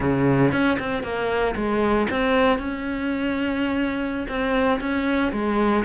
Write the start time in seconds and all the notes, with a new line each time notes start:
0.00 C#3
0.51 C#4
0.79 C4
1.03 A#3
1.55 G#3
2.10 C4
2.58 C#4
4.28 C4
4.80 C#4
5.32 G#3